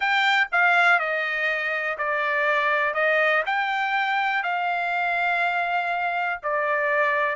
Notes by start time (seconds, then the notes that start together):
0.00 G5
0.52 F5
0.99 D#5
1.98 D5
2.94 D#5
3.46 G5
4.43 F5
6.42 D5